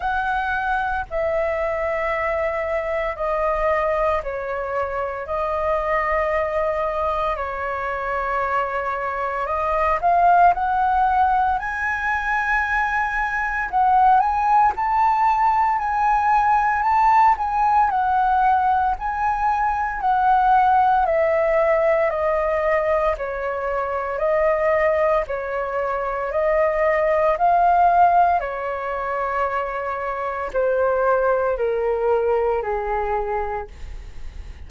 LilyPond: \new Staff \with { instrumentName = "flute" } { \time 4/4 \tempo 4 = 57 fis''4 e''2 dis''4 | cis''4 dis''2 cis''4~ | cis''4 dis''8 f''8 fis''4 gis''4~ | gis''4 fis''8 gis''8 a''4 gis''4 |
a''8 gis''8 fis''4 gis''4 fis''4 | e''4 dis''4 cis''4 dis''4 | cis''4 dis''4 f''4 cis''4~ | cis''4 c''4 ais'4 gis'4 | }